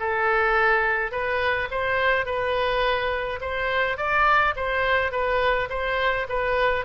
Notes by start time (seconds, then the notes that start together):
0.00 A4
1.12 B4
1.71 C5
2.26 B4
3.41 C5
3.97 D5
4.56 C5
5.12 B4
5.70 C5
6.29 B4